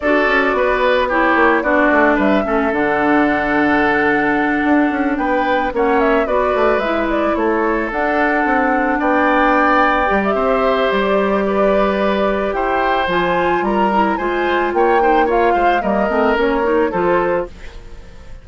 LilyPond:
<<
  \new Staff \with { instrumentName = "flute" } { \time 4/4 \tempo 4 = 110 d''2 cis''4 d''4 | e''4 fis''2.~ | fis''4. g''4 fis''8 e''8 d''8~ | d''8 e''8 d''8 cis''4 fis''4.~ |
fis''8 g''2~ g''16 e''4~ e''16 | d''2. g''4 | gis''4 ais''4 gis''4 g''4 | f''4 dis''4 cis''4 c''4 | }
  \new Staff \with { instrumentName = "oboe" } { \time 4/4 a'4 b'4 g'4 fis'4 | b'8 a'2.~ a'8~ | a'4. b'4 cis''4 b'8~ | b'4. a'2~ a'8~ |
a'8 d''2~ d''8 c''4~ | c''4 b'2 c''4~ | c''4 ais'4 c''4 cis''8 c''8 | cis''8 c''8 ais'2 a'4 | }
  \new Staff \with { instrumentName = "clarinet" } { \time 4/4 fis'2 e'4 d'4~ | d'8 cis'8 d'2.~ | d'2~ d'8 cis'4 fis'8~ | fis'8 e'2 d'4.~ |
d'2~ d'8 g'4.~ | g'1 | f'4. e'8 f'4. dis'8 | f'4 ais8 c'8 cis'8 dis'8 f'4 | }
  \new Staff \with { instrumentName = "bassoon" } { \time 4/4 d'8 cis'8 b4. ais8 b8 a8 | g8 a8 d2.~ | d8 d'8 cis'8 b4 ais4 b8 | a8 gis4 a4 d'4 c'8~ |
c'8 b2 g8 c'4 | g2. e'4 | f4 g4 gis4 ais4~ | ais8 gis8 g8 a8 ais4 f4 | }
>>